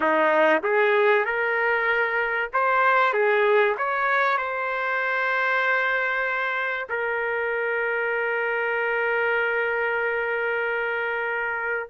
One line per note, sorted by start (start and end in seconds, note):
0.00 0.62 D#4
0.63 1.25 G#4
1.25 2.50 A#4
2.53 3.12 C5
3.12 3.75 G#4
3.77 4.37 C#5
4.37 6.87 C5
6.89 11.89 A#4